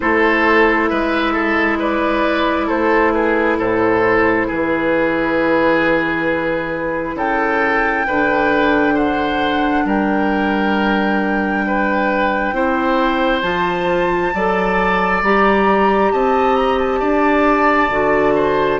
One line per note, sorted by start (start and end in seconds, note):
0.00 0.91 A3
0.00 8.06 E4
0.00 0.90 A4
0.00 0.87 C5
0.87 2.70 G#3
0.87 1.32 B4
0.87 1.77 E5
1.32 1.77 A4
1.79 2.66 B4
1.79 2.69 D5
2.66 3.58 A3
2.66 3.11 A4
2.66 3.12 C5
3.12 3.58 G#4
3.12 3.57 B4
3.58 4.47 A2
3.58 4.47 A4
3.58 4.49 C5
4.47 7.15 E3
4.47 7.15 G#4
4.47 7.18 B4
7.15 8.04 C#3
7.15 8.06 A4
7.15 8.96 G5
8.07 9.84 D3
8.07 12.53 D4
8.07 8.94 B4
8.94 9.83 C5
8.94 9.86 F#5
9.84 12.52 G3
9.84 11.65 A#4
9.84 13.41 G5
11.66 12.54 B4
12.52 13.42 C4
12.52 13.42 E4
12.52 14.34 C5
13.41 14.32 F3
13.41 14.32 F4
13.41 15.20 A5
14.34 15.22 F#3
14.34 15.24 A4
14.34 16.12 D5
15.22 16.12 G3
15.22 17.91 G4
15.22 16.12 A#5
16.12 17.01 C4
16.12 16.99 D#5
16.12 16.55 A5
16.55 16.78 A#5
16.78 18.80 A5
16.99 17.90 D4
16.99 18.33 D5
17.90 18.79 D3
17.90 18.80 F#4
18.35 18.79 C5